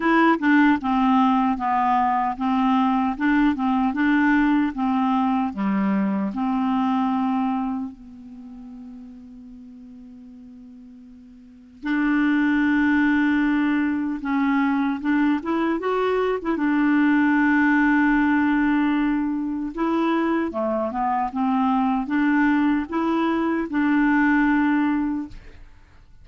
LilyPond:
\new Staff \with { instrumentName = "clarinet" } { \time 4/4 \tempo 4 = 76 e'8 d'8 c'4 b4 c'4 | d'8 c'8 d'4 c'4 g4 | c'2 b2~ | b2. d'4~ |
d'2 cis'4 d'8 e'8 | fis'8. e'16 d'2.~ | d'4 e'4 a8 b8 c'4 | d'4 e'4 d'2 | }